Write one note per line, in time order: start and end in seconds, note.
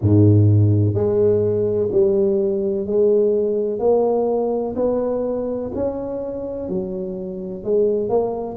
0.01 0.94 G#2
0.94 1.89 G#3
1.91 2.86 G3
2.86 3.79 G#3
3.79 4.74 A#3
4.75 5.71 B3
5.74 6.68 C#4
6.68 7.64 F#3
7.64 8.09 G#3
8.09 8.57 A#3